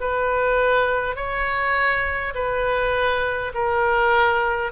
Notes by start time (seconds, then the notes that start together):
0.00 B4
1.16 C#5
2.35 B4
3.54 A#4